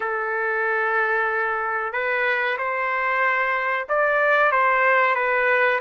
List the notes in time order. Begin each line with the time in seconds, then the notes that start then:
0.00 A4
1.92 B4
2.58 C5
3.89 D5
4.51 C5
5.15 B4